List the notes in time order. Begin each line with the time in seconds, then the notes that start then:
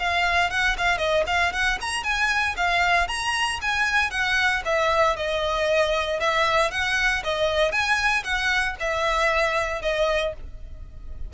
0.00 F5
0.51 F#5
0.78 F5
0.99 D#5
1.27 F5
1.53 F#5
1.81 A#5
2.04 G#5
2.57 F5
3.08 A#5
3.62 G#5
4.11 F#5
4.66 E5
5.17 D#5
6.20 E5
6.72 F#5
7.24 D#5
7.72 G#5
8.25 F#5
8.80 E5
9.82 D#5